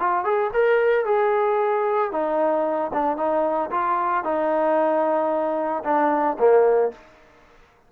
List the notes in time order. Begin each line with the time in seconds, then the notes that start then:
0.00 F4
0.25 G#4
0.54 A#4
1.05 G#4
2.12 D#4
2.94 D4
3.17 D#4
3.71 F4
4.24 D#4
5.84 D4
6.39 A#3